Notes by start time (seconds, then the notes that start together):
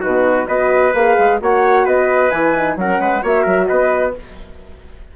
0.00 B2 D#4 F#4 B4
0.47 B3 F#4 B4 D#5
0.93 A#3 G#4 F5
1.18 G#3
1.40 A#3 F#4 C#5 F#5
1.85 B3 B4 D#5
2.30 E3 E4 G#5
2.55 D#4
2.76 F#3 C#4 A#4 F#5
2.99 G#3 B4
3.22 A#3 F#4 C#5 E5
3.42 F#3 A#4
3.67 B3 B4 D#5